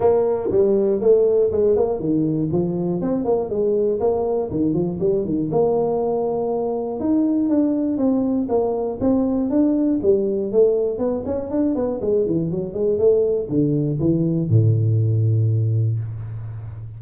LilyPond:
\new Staff \with { instrumentName = "tuba" } { \time 4/4 \tempo 4 = 120 ais4 g4 a4 gis8 ais8 | dis4 f4 c'8 ais8 gis4 | ais4 dis8 f8 g8 dis8 ais4~ | ais2 dis'4 d'4 |
c'4 ais4 c'4 d'4 | g4 a4 b8 cis'8 d'8 b8 | gis8 e8 fis8 gis8 a4 d4 | e4 a,2. | }